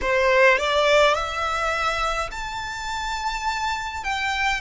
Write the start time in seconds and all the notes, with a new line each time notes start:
0.01 C5
0.58 D5
1.14 E5
2.31 A5
4.04 G5